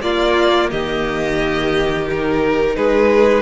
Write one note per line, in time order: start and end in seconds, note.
0.00 2.05 A#3
0.00 0.70 A#3
0.00 0.71 F4
0.00 0.70 D5
0.70 2.76 D#3
0.70 2.75 G4
0.70 2.06 D#5
2.09 3.42 D#4
2.09 2.75 A#4
2.75 3.42 G#3
2.75 3.42 G#4
2.75 3.42 B4